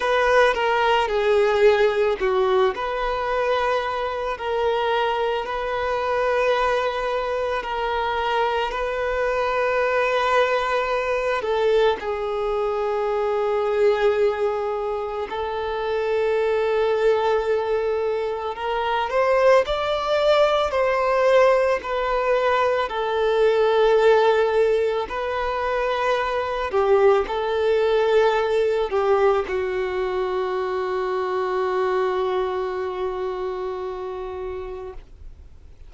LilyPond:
\new Staff \with { instrumentName = "violin" } { \time 4/4 \tempo 4 = 55 b'8 ais'8 gis'4 fis'8 b'4. | ais'4 b'2 ais'4 | b'2~ b'8 a'8 gis'4~ | gis'2 a'2~ |
a'4 ais'8 c''8 d''4 c''4 | b'4 a'2 b'4~ | b'8 g'8 a'4. g'8 fis'4~ | fis'1 | }